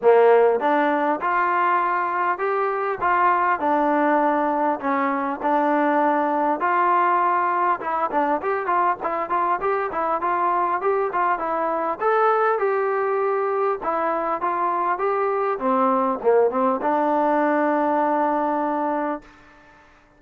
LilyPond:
\new Staff \with { instrumentName = "trombone" } { \time 4/4 \tempo 4 = 100 ais4 d'4 f'2 | g'4 f'4 d'2 | cis'4 d'2 f'4~ | f'4 e'8 d'8 g'8 f'8 e'8 f'8 |
g'8 e'8 f'4 g'8 f'8 e'4 | a'4 g'2 e'4 | f'4 g'4 c'4 ais8 c'8 | d'1 | }